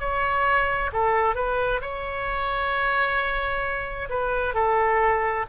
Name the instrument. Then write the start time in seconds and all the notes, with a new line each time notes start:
oboe
0.00 C#5
0.93 A4
1.35 B4
1.82 C#5
4.10 B4
4.55 A4